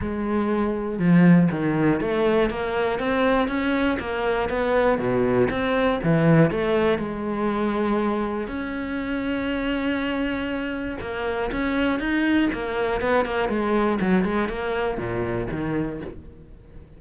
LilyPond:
\new Staff \with { instrumentName = "cello" } { \time 4/4 \tempo 4 = 120 gis2 f4 dis4 | a4 ais4 c'4 cis'4 | ais4 b4 b,4 c'4 | e4 a4 gis2~ |
gis4 cis'2.~ | cis'2 ais4 cis'4 | dis'4 ais4 b8 ais8 gis4 | fis8 gis8 ais4 ais,4 dis4 | }